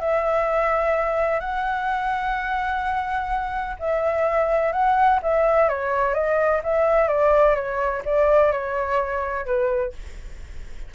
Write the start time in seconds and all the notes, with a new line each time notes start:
0.00 E5
1.40 F#5
3.79 E5
4.73 F#5
5.22 E5
5.69 C#5
6.14 D#5
6.64 E5
7.08 D5
7.55 C#5
8.05 D5
8.52 C#5
9.46 B4